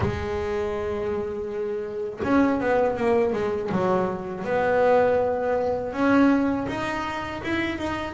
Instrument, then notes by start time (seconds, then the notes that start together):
double bass
0.00 G#3
2.23 C#4
2.60 B3
2.96 A#3
3.32 G#3
3.71 F#3
4.44 B3
5.92 C#4
6.67 D#4
7.43 E4
7.78 D#4